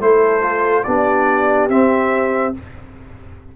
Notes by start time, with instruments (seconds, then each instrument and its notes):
0.00 tuba A3, trombone E4, horn A4, trumpet C5
0.42 trombone F4
0.84 tuba B3, trombone D4, horn G4, trumpet D5
1.69 tuba C4, trombone C4, trumpet E5